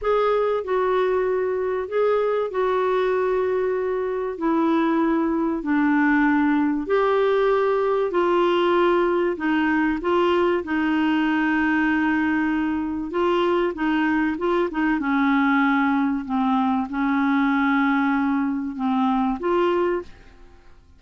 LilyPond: \new Staff \with { instrumentName = "clarinet" } { \time 4/4 \tempo 4 = 96 gis'4 fis'2 gis'4 | fis'2. e'4~ | e'4 d'2 g'4~ | g'4 f'2 dis'4 |
f'4 dis'2.~ | dis'4 f'4 dis'4 f'8 dis'8 | cis'2 c'4 cis'4~ | cis'2 c'4 f'4 | }